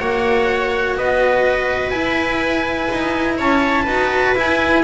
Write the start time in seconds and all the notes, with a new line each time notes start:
0.00 A#3 F#4 C#5 F#5
0.97 B3 B4 D#5
1.90 E4 G#5
2.92 D#4
3.38 C#4 C#5 A5
3.83 D#4 F#4 B4
4.36 E4 G#5